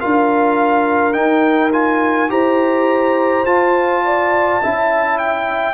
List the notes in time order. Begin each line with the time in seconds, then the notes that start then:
0.00 D4 F4 A#4 F5
1.13 D#4 G5
1.73 F4 G#5
2.29 E4 G4 C5 A#5
3.45 F4 A5
4.05 D5
4.62 C#4 E4 E5
5.19 G5